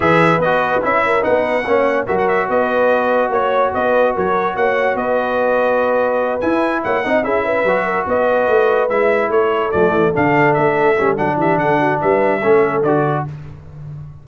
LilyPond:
<<
  \new Staff \with { instrumentName = "trumpet" } { \time 4/4 \tempo 4 = 145 e''4 dis''4 e''4 fis''4~ | fis''4 e''16 fis''16 e''8 dis''2 | cis''4 dis''4 cis''4 fis''4 | dis''2.~ dis''8 gis''8~ |
gis''8 fis''4 e''2 dis''8~ | dis''4. e''4 cis''4 d''8~ | d''8 f''4 e''4. fis''8 e''8 | fis''4 e''2 d''4 | }
  \new Staff \with { instrumentName = "horn" } { \time 4/4 b'2~ b'8 ais'8 b'4 | cis''4 ais'4 b'2 | cis''4 b'4 ais'4 cis''4 | b'1~ |
b'8 cis''8 dis''8 gis'8 b'4 ais'8 b'8~ | b'2~ b'8 a'4.~ | a'2.~ a'8 g'8 | a'8 fis'8 b'4 a'2 | }
  \new Staff \with { instrumentName = "trombone" } { \time 4/4 gis'4 fis'4 e'4 dis'4 | cis'4 fis'2.~ | fis'1~ | fis'2.~ fis'8 e'8~ |
e'4 dis'8 e'4 fis'4.~ | fis'4. e'2 a8~ | a8 d'2 cis'8 d'4~ | d'2 cis'4 fis'4 | }
  \new Staff \with { instrumentName = "tuba" } { \time 4/4 e4 b4 cis'4 b4 | ais4 fis4 b2 | ais4 b4 fis4 ais4 | b2.~ b8 e'8~ |
e'8 ais8 c'8 cis'4 fis4 b8~ | b8 a4 gis4 a4 f8 | e8 d4 a4 g8 fis8 e8 | d4 g4 a4 d4 | }
>>